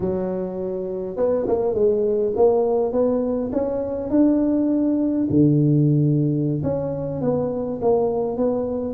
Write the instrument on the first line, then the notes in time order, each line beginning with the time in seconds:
tuba
0.00 F#3
1.16 B3
1.47 A#3
1.74 G#3
2.36 A#3
2.92 B3
3.52 C#4
4.10 D4
5.30 D3
6.63 C#4
7.21 B3
7.81 A#3
8.37 B3